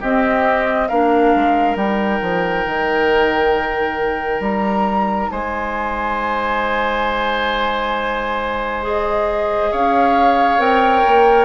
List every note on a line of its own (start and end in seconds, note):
0.00 0.91 C4
0.00 0.88 G4
0.00 0.88 D#5
0.88 1.35 A#3
0.88 1.78 D4
0.88 5.30 A#4
0.88 1.76 F5
1.35 1.76 G#3
1.76 2.20 G3
1.76 8.82 D#4
1.76 4.42 G5
2.22 2.66 F3
2.66 4.40 D#3
4.40 5.29 G3
4.40 5.31 A#5
5.31 9.73 G#3
5.31 9.71 C5
5.31 8.84 G#5
8.82 10.59 G#4
8.82 9.73 D#5
9.71 10.59 C#4
9.71 11.45 C#5
9.71 10.61 F5
10.59 11.03 C4
10.59 11.45 A#4
10.59 11.45 G5
11.06 11.45 A#3